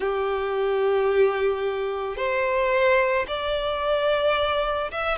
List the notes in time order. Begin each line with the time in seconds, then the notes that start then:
0.00 G4
2.16 C5
3.27 D5
4.91 E5